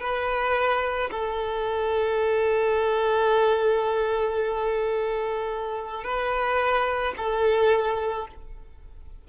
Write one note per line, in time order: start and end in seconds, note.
0.00 1.10 B4
1.11 6.04 A4
6.04 7.14 B4
7.17 8.27 A4